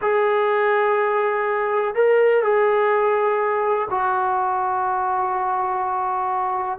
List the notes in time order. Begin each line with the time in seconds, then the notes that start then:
0.01 G#4
1.94 A#4
2.43 G#4
3.90 F#4